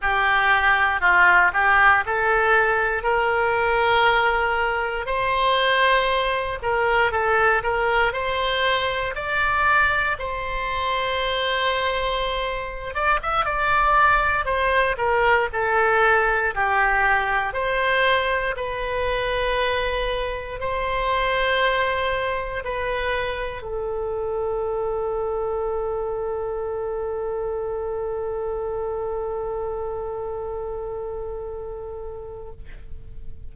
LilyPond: \new Staff \with { instrumentName = "oboe" } { \time 4/4 \tempo 4 = 59 g'4 f'8 g'8 a'4 ais'4~ | ais'4 c''4. ais'8 a'8 ais'8 | c''4 d''4 c''2~ | c''8. d''16 e''16 d''4 c''8 ais'8 a'8.~ |
a'16 g'4 c''4 b'4.~ b'16~ | b'16 c''2 b'4 a'8.~ | a'1~ | a'1 | }